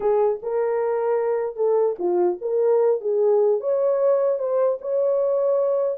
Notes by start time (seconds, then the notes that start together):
0.00 G#4
0.42 A#4
1.55 A4
1.98 F4
2.41 A#4
3.00 G#4
3.60 C#5
4.38 C5
4.81 C#5